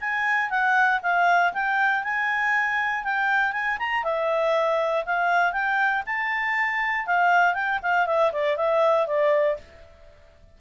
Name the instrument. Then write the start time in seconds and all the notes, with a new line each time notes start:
clarinet
0.00 G#5
0.50 F#5
1.02 F5
1.53 G5
2.04 G#5
3.03 G5
3.52 G#5
3.78 A#5
4.03 E5
5.05 F5
5.52 G5
6.06 A5
7.06 F5
7.54 G5
7.82 F5
8.06 E5
8.32 D5
8.56 E5
9.07 D5